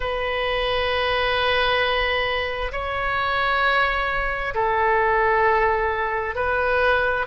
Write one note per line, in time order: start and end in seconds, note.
0.00 2.71 B4
2.71 4.53 C#5
4.54 6.35 A4
6.35 7.26 B4